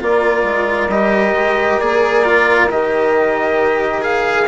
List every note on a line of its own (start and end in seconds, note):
0.00 0.43 A#3
0.00 0.90 F4
0.00 4.48 A#4
0.00 0.90 D5
0.43 0.88 G#3
0.88 1.33 G3
0.88 1.81 G4
0.88 1.80 D#5
1.33 1.78 G#3
1.80 2.71 A#3
1.80 2.24 G#4
1.80 2.69 D5
2.24 2.69 F4
2.70 4.48 D#3
2.70 4.02 G4
2.70 4.04 D#5
4.02 4.46 G#4
4.02 4.48 F5